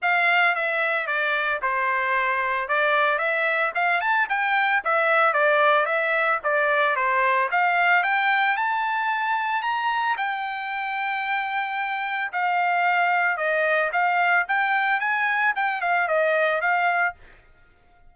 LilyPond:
\new Staff \with { instrumentName = "trumpet" } { \time 4/4 \tempo 4 = 112 f''4 e''4 d''4 c''4~ | c''4 d''4 e''4 f''8 a''8 | g''4 e''4 d''4 e''4 | d''4 c''4 f''4 g''4 |
a''2 ais''4 g''4~ | g''2. f''4~ | f''4 dis''4 f''4 g''4 | gis''4 g''8 f''8 dis''4 f''4 | }